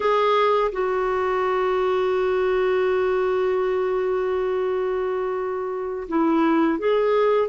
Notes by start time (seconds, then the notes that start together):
0.00 G#4
0.71 F#4
6.08 E4
6.78 G#4